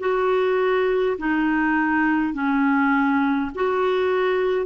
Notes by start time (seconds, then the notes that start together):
0.00 F#4
1.18 D#4
2.34 C#4
3.55 F#4